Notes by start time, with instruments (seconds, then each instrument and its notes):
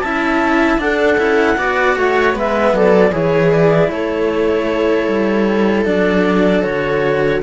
0.00 cello C#4 E4, viola E5, clarinet A5
0.77 cello D4, viola A4, clarinet F#5
1.17 cello C#4 E4
1.57 cello B3 F#4, viola D5
1.96 cello A3, viola C#5
2.33 cello G#3 B3, viola B4, clarinet E5
2.72 cello F#3, viola A4, clarinet D5
3.11 cello E3 E4, viola G#4, clarinet C#5
3.52 clarinet D5
3.89 cello A3, viola A4, clarinet C#5
5.08 cello G3
5.85 cello F#3 D4, clarinet D5
6.62 cello D3 F#4, clarinet C#5